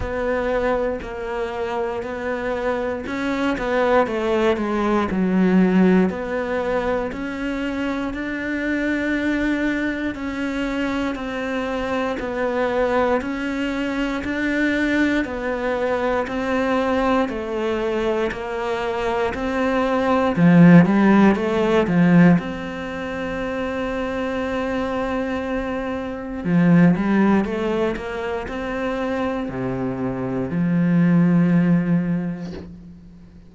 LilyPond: \new Staff \with { instrumentName = "cello" } { \time 4/4 \tempo 4 = 59 b4 ais4 b4 cis'8 b8 | a8 gis8 fis4 b4 cis'4 | d'2 cis'4 c'4 | b4 cis'4 d'4 b4 |
c'4 a4 ais4 c'4 | f8 g8 a8 f8 c'2~ | c'2 f8 g8 a8 ais8 | c'4 c4 f2 | }